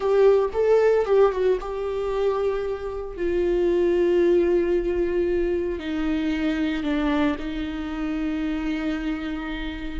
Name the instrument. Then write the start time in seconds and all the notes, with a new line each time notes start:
viola
0.00 G4
0.53 A4
1.05 G4
1.32 F#4
1.60 G4
3.17 F4
5.79 D#4
6.83 D4
7.38 D#4